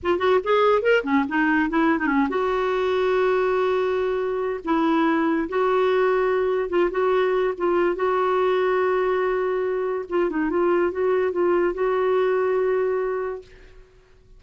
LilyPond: \new Staff \with { instrumentName = "clarinet" } { \time 4/4 \tempo 4 = 143 f'8 fis'8 gis'4 ais'8 cis'8 dis'4 | e'8. dis'16 cis'8 fis'2~ fis'8~ | fis'2. e'4~ | e'4 fis'2. |
f'8 fis'4. f'4 fis'4~ | fis'1 | f'8 dis'8 f'4 fis'4 f'4 | fis'1 | }